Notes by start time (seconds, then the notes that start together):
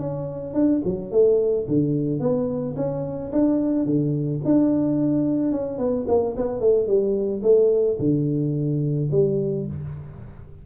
0.00 C#4
0.54 D4
0.85 F#3
1.12 A3
1.68 D3
2.20 B3
2.77 C#4
3.33 D4
3.86 D3
4.45 D4
5.52 C#4
5.78 B3
6.08 A#3
6.37 B3
6.61 A3
6.87 G3
7.43 A3
8.00 D3
9.12 G3